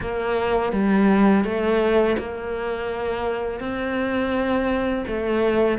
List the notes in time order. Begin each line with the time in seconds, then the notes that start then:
0.00 A#3
0.72 G3
1.44 A3
2.18 A#3
3.59 C4
5.07 A3